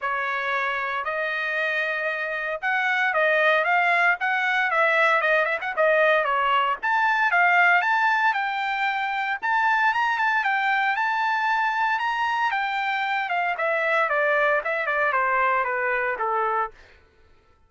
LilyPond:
\new Staff \with { instrumentName = "trumpet" } { \time 4/4 \tempo 4 = 115 cis''2 dis''2~ | dis''4 fis''4 dis''4 f''4 | fis''4 e''4 dis''8 e''16 fis''16 dis''4 | cis''4 a''4 f''4 a''4 |
g''2 a''4 ais''8 a''8 | g''4 a''2 ais''4 | g''4. f''8 e''4 d''4 | e''8 d''8 c''4 b'4 a'4 | }